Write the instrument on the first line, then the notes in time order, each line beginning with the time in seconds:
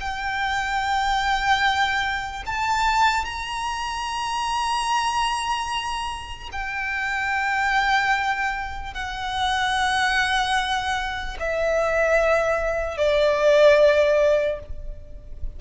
violin
0.00 G5
2.46 A5
3.25 A#5
6.52 G5
8.94 F#5
11.40 E5
12.97 D5